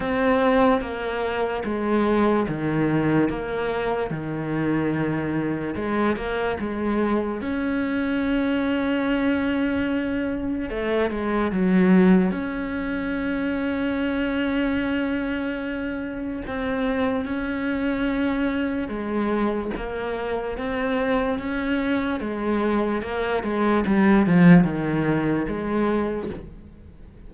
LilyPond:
\new Staff \with { instrumentName = "cello" } { \time 4/4 \tempo 4 = 73 c'4 ais4 gis4 dis4 | ais4 dis2 gis8 ais8 | gis4 cis'2.~ | cis'4 a8 gis8 fis4 cis'4~ |
cis'1 | c'4 cis'2 gis4 | ais4 c'4 cis'4 gis4 | ais8 gis8 g8 f8 dis4 gis4 | }